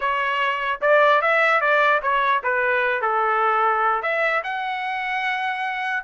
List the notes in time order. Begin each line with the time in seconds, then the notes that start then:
0.00 C#5
0.81 D5
1.21 E5
1.60 D5
2.02 C#5
2.43 B4
3.01 A4
4.02 E5
4.43 F#5